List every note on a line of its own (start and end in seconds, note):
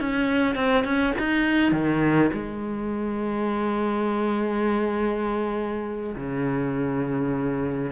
0.00 0.55 C#4
0.55 0.84 C4
0.84 1.13 C#4
1.19 1.72 D#4
1.72 2.30 D#3
2.33 6.16 G#3
6.16 7.92 C#3